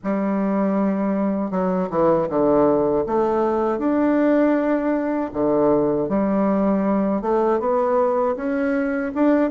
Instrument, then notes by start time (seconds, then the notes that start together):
bassoon
0.03 G3
1.50 F#3
1.90 E3
2.29 D3
3.06 A3
3.78 D4
5.33 D3
6.09 G3
7.21 A3
7.59 B3
8.36 C#4
9.14 D4